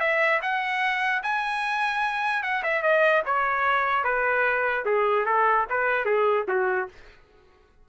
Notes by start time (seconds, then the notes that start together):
0.00 E5
0.42 F#5
1.23 G#5
2.43 F#5
2.63 E5
2.83 D#5
3.26 C#5
4.04 B4
4.86 G#4
5.26 A4
5.70 B4
6.05 G#4
6.48 F#4